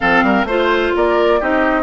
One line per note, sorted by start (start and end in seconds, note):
0.00 0.23 F3
0.00 0.47 C4
0.00 0.24 A4
0.00 0.46 F5
0.23 0.43 G3
0.23 0.46 A#4
0.43 0.90 A3
0.43 1.40 F4
0.43 0.93 C5
0.43 0.96 C5
0.95 1.41 A#3
0.95 1.39 A#4
0.95 1.41 D5
1.39 1.82 C4
1.39 1.82 D#4
1.39 1.82 G4
1.39 1.82 D#5